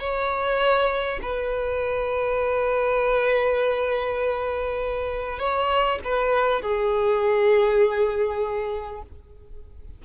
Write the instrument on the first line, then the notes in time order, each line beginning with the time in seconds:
violin
0.00 C#5
1.22 B4
5.39 C#5
6.04 B4
6.62 G#4